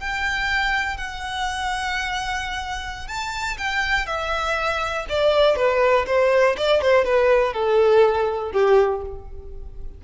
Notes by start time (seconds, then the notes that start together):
0.00 G5
0.98 F#5
3.08 A5
3.58 G5
4.07 E5
5.10 D5
5.56 B4
6.07 C5
6.57 D5
6.82 C5
7.05 B4
7.53 A4
8.52 G4